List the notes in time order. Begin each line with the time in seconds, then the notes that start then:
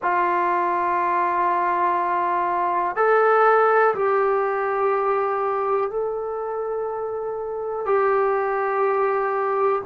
0.02 F4
2.96 A4
3.94 G4
5.90 A4
7.85 G4